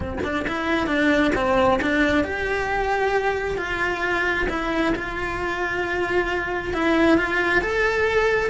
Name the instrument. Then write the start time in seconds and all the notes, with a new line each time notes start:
cello
0.00 C4
0.23 D4
0.47 E4
0.86 D4
1.35 C4
1.81 D4
2.24 G4
3.57 F4
4.49 E4
4.95 F4
6.73 E4
7.17 F4
7.61 A4